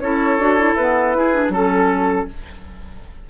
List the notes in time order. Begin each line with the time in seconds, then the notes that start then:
0.00 C#4 E4 A4 C#5
0.39 D4 F#4
0.59 E4
0.74 B3 E4 B4
1.16 E4 G#4
1.34 D4
1.49 F#3 C#4 A4